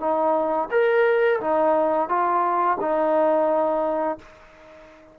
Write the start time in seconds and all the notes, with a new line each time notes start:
0.00 D#4
0.71 A#4
1.41 D#4
2.09 F4
2.81 D#4